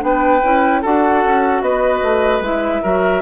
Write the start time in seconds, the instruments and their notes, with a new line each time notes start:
0.00 bassoon B3, clarinet D4, oboe B4, flute G5
0.44 bassoon C#4, clarinet E4
0.82 bassoon D4, clarinet F#4, oboe A4, flute F#5
1.25 bassoon C#4
1.62 bassoon B3, oboe B4, flute D#5
2.02 bassoon A3
2.41 bassoon G#3, clarinet E4, flute E5
2.83 bassoon F#3, clarinet F#4, oboe A#4